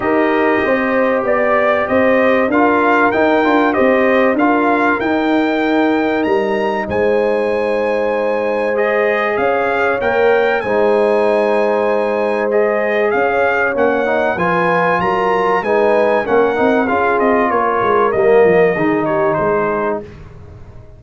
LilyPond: <<
  \new Staff \with { instrumentName = "trumpet" } { \time 4/4 \tempo 4 = 96 dis''2 d''4 dis''4 | f''4 g''4 dis''4 f''4 | g''2 ais''4 gis''4~ | gis''2 dis''4 f''4 |
g''4 gis''2. | dis''4 f''4 fis''4 gis''4 | ais''4 gis''4 fis''4 f''8 dis''8 | cis''4 dis''4. cis''8 c''4 | }
  \new Staff \with { instrumentName = "horn" } { \time 4/4 ais'4 c''4 d''4 c''4 | ais'2 c''4 ais'4~ | ais'2. c''4~ | c''2. cis''4~ |
cis''4 c''2.~ | c''4 cis''2 b'4 | ais'4 b'4 ais'4 gis'4 | ais'2 gis'8 g'8 gis'4 | }
  \new Staff \with { instrumentName = "trombone" } { \time 4/4 g'1 | f'4 dis'8 f'8 g'4 f'4 | dis'1~ | dis'2 gis'2 |
ais'4 dis'2. | gis'2 cis'8 dis'8 f'4~ | f'4 dis'4 cis'8 dis'8 f'4~ | f'4 ais4 dis'2 | }
  \new Staff \with { instrumentName = "tuba" } { \time 4/4 dis'4 c'4 b4 c'4 | d'4 dis'8 d'8 c'4 d'4 | dis'2 g4 gis4~ | gis2. cis'4 |
ais4 gis2.~ | gis4 cis'4 ais4 f4 | fis4 gis4 ais8 c'8 cis'8 c'8 | ais8 gis8 g8 f8 dis4 gis4 | }
>>